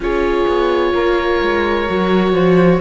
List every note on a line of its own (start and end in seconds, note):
0.00 0.44 C#4
0.00 1.87 F4
0.00 0.94 G#4
0.00 2.80 C#5
0.46 0.93 B3
0.94 1.40 A#3
0.94 2.33 A#4
1.41 1.88 G#3
1.87 2.32 F#3
1.87 2.80 F#4
2.32 2.79 F3
2.32 2.80 C5